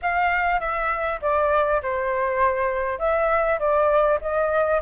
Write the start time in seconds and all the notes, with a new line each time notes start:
0.02 F5
0.59 E5
1.21 D5
1.82 C5
2.98 E5
3.59 D5
4.21 D#5